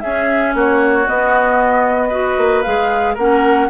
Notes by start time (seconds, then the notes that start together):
0.00 C#4 G#4 E5
0.54 A#3 F#4 C#5
1.07 B3 D#5
2.09 F#4 B4
2.37 A#3
2.62 G#3 G#4 F5
3.14 A#3 C#4 A#4 F#5